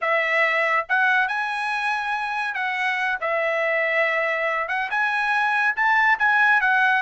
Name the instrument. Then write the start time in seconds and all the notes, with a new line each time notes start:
trumpet
0.01 E5
0.89 F#5
1.27 G#5
2.54 F#5
3.20 E5
4.68 F#5
4.90 G#5
5.76 A5
6.18 G#5
6.61 F#5